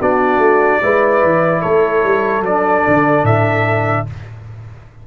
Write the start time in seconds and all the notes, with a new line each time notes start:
0.00 B3 D4 F#4 D5
0.38 A3
0.82 G#3 E4 B4
1.23 E3
1.62 A3 A4 C#5
2.03 G3
2.41 F#3 D4 D5
2.88 D3
3.23 A2 E5